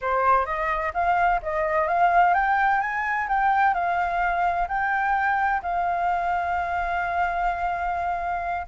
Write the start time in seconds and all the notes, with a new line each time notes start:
0.01 C5
0.45 D#5
0.93 F5
1.42 D#5
1.87 F5
2.34 G5
2.80 G#5
3.28 G5
3.74 F5
4.67 G5
5.62 F5